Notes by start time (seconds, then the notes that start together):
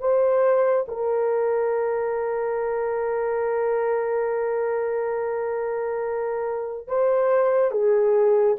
0.00 C5
0.88 A#4
6.87 C5
7.71 G#4